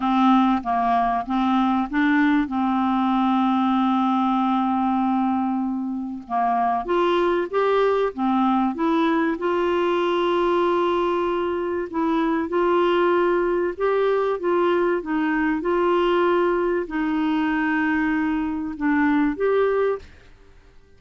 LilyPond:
\new Staff \with { instrumentName = "clarinet" } { \time 4/4 \tempo 4 = 96 c'4 ais4 c'4 d'4 | c'1~ | c'2 ais4 f'4 | g'4 c'4 e'4 f'4~ |
f'2. e'4 | f'2 g'4 f'4 | dis'4 f'2 dis'4~ | dis'2 d'4 g'4 | }